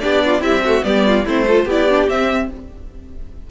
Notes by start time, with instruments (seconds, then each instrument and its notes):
0.00 cello B3, viola D4, violin G4 D5
0.26 violin F4
0.40 viola G3, cello C4, violin E4 E5
0.64 viola A3, violin F#4
0.82 cello G3, viola B3, violin G4 D5
1.07 violin F4
1.25 cello A3, viola C4, violin E4 C5
1.47 viola F4, violin A4
1.65 cello B3, viola E4, violin G4 D5
1.89 viola D4
2.09 viola C4, cello C4, violin E5